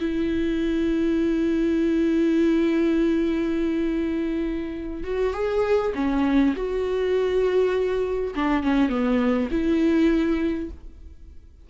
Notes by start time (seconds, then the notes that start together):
0.00 E4
5.04 F#4
5.33 G#4
5.95 C#4
6.56 F#4
8.35 D4
8.63 C#4
8.89 B3
9.51 E4